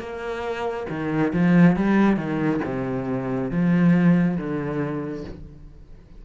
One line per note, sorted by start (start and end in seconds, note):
0.00 0.87 A#3
0.89 1.33 D#3
1.33 1.76 F3
1.76 2.17 G3
2.17 2.60 D#3
2.65 3.51 C3
3.51 4.38 F3
4.38 5.25 D3